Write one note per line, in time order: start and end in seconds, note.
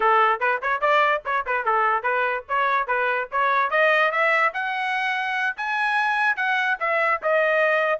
0.00 0.39 A4
0.39 0.60 B4
0.61 0.80 C#5
0.80 1.21 D5
1.25 1.45 C#5
1.46 1.65 B4
1.65 2.02 A4
2.02 2.43 B4
2.48 2.87 C#5
2.87 3.28 B4
3.31 3.70 C#5
3.70 4.11 D#5
4.11 4.52 E5
4.53 5.56 F#5
5.56 6.36 G#5
6.36 6.77 F#5
6.79 7.20 E5
7.22 7.99 D#5